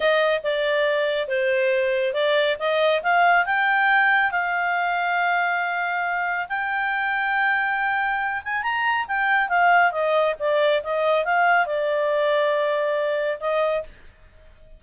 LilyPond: \new Staff \with { instrumentName = "clarinet" } { \time 4/4 \tempo 4 = 139 dis''4 d''2 c''4~ | c''4 d''4 dis''4 f''4 | g''2 f''2~ | f''2. g''4~ |
g''2.~ g''8 gis''8 | ais''4 g''4 f''4 dis''4 | d''4 dis''4 f''4 d''4~ | d''2. dis''4 | }